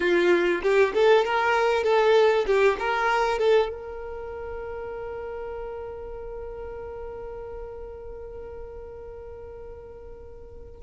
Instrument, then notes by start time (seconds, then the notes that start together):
violin
0.00 F4
0.62 G4
0.93 A4
1.24 A#4
1.83 A4
2.46 G4
2.79 A#4
3.38 A4
3.69 A#4